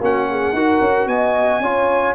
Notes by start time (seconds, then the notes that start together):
0.00 A#3 C#4 F#4 F#5
0.30 G#4
0.53 D#4 F#4 A#4
0.80 C#4
1.06 B3 D#5 G#5
1.60 C#4 F4 C#5